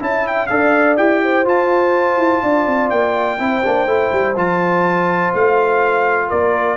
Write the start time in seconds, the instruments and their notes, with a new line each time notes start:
0.00 tuba C#4, trombone E4, horn E5, trumpet A5
0.27 trumpet G5
0.47 tuba D4, trombone A4, horn D5, trumpet F5
0.97 tuba E4, trombone G4, trumpet G5
1.23 horn C5
1.45 trombone F4, tuba F4, trumpet A5
2.17 tuba E4
2.43 tuba D4, horn D5
2.67 tuba C4
2.90 tuba A#3, trumpet G5
3.39 tuba C4, trombone E4, horn C5
3.64 tuba A#3, trombone D4
3.86 tuba A3, trombone E4
4.12 tuba G3
4.36 tuba F3, trombone F4, trumpet A5
5.34 tuba A3, trumpet F5
6.28 tuba A#3, horn A#4, trumpet D5